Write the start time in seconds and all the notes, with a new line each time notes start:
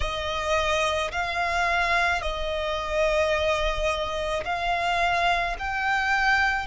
0.00 D#5
1.11 F5
2.21 D#5
4.44 F5
5.59 G5